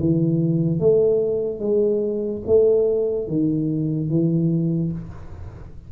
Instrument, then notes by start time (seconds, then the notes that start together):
tuba
0.00 E3
0.80 A3
1.60 G#3
2.47 A3
3.28 D#3
4.10 E3